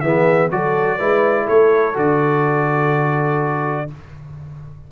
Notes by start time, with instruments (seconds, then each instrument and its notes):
0.00 tuba E3, trombone B3, horn G#4, trumpet E5
0.51 tuba F#3, trombone F#4, horn A4, trumpet D5
0.98 tuba G#3, trombone E4, horn B4
1.44 tuba A3, horn A4, trumpet C#5
1.94 tuba D3, trombone F#4, trumpet D5